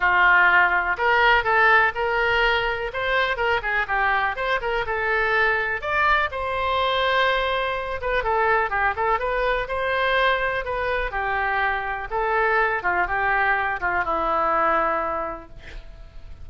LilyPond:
\new Staff \with { instrumentName = "oboe" } { \time 4/4 \tempo 4 = 124 f'2 ais'4 a'4 | ais'2 c''4 ais'8 gis'8 | g'4 c''8 ais'8 a'2 | d''4 c''2.~ |
c''8 b'8 a'4 g'8 a'8 b'4 | c''2 b'4 g'4~ | g'4 a'4. f'8 g'4~ | g'8 f'8 e'2. | }